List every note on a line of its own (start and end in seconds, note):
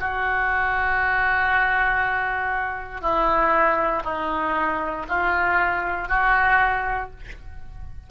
0.00 3.01 F#4
3.01 4.03 E4
4.05 5.07 D#4
5.09 6.09 F4
6.09 7.10 F#4